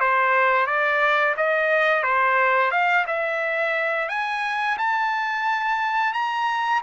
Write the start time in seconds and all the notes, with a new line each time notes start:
0.00 C5
0.66 D5
1.37 D#5
2.03 C5
2.71 F5
3.07 E5
4.09 G#5
4.78 A5
6.13 A#5